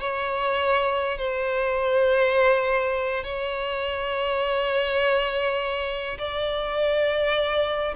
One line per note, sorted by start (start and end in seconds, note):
0.00 1.18 C#5
1.18 3.24 C5
3.24 6.18 C#5
6.18 7.95 D5